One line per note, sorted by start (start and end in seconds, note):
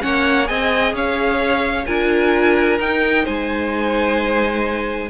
0.00 0.49 A#3
0.00 0.45 C#4
0.00 0.48 C#5
0.00 0.47 F#5
0.45 0.93 C4
0.45 1.84 G#4
0.45 0.94 D#5
0.45 0.93 G#5
0.93 1.85 C#4
0.93 1.87 C#5
0.93 1.86 F5
1.86 2.78 D4
1.86 2.79 F4
1.86 3.24 A#4
1.86 2.78 G#5
2.78 3.24 D#4
2.78 5.09 D#4
2.78 3.26 G5
3.24 5.09 G#3
3.24 5.09 C5
3.24 5.09 G#5